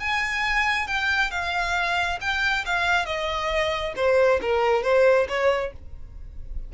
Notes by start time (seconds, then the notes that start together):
0.00 G#5
0.87 G5
1.31 F5
2.21 G5
2.66 F5
3.06 D#5
3.96 C5
4.42 A#4
4.83 C5
5.28 C#5